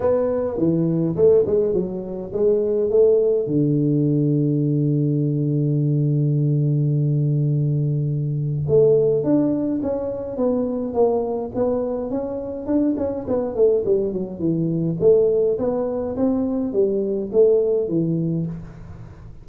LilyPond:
\new Staff \with { instrumentName = "tuba" } { \time 4/4 \tempo 4 = 104 b4 e4 a8 gis8 fis4 | gis4 a4 d2~ | d1~ | d2. a4 |
d'4 cis'4 b4 ais4 | b4 cis'4 d'8 cis'8 b8 a8 | g8 fis8 e4 a4 b4 | c'4 g4 a4 e4 | }